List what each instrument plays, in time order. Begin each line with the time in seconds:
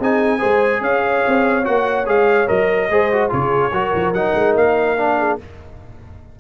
0.00 tuba C4, trombone D#4, horn G#4, trumpet G#5
0.39 tuba G#3, trombone G#4, horn C5
0.81 tuba C#4, horn C#5, trumpet F5
1.28 tuba C4
1.64 tuba A#3, trombone F#4, trumpet F#5
2.06 tuba G#3, trombone G#4, trumpet F5
2.48 tuba F#3, trombone A#4, trumpet D#5
2.90 tuba G#3, trombone G#4, horn C5
3.13 trombone F#4
3.30 tuba C#3, trombone F4, horn G#4, trumpet C#5
3.73 tuba F#3, trombone F#4, horn A#4
3.95 tuba F3
4.14 tuba F#3, trombone D#4, trumpet F#5
4.35 tuba G#3
4.55 tuba A#3, trumpet F5
4.98 trombone D4
5.19 horn G#4